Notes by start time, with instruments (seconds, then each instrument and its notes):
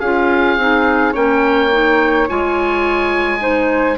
0.00 bassoon C#4, clarinet F4, flute G#4, oboe F5
0.57 bassoon C4, clarinet D#4
1.12 bassoon A#3, clarinet C#4, flute C#5, oboe G5
1.71 clarinet D#4
2.28 bassoon G#3, clarinet F4, oboe G#5
3.39 clarinet D#4, flute C5